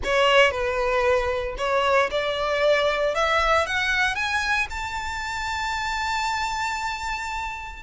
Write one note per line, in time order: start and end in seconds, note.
0.04 0.51 C#5
0.51 1.55 B4
1.57 2.10 C#5
2.11 3.14 D5
3.14 3.66 E5
3.66 4.15 F#5
4.15 4.67 G#5
4.70 7.83 A5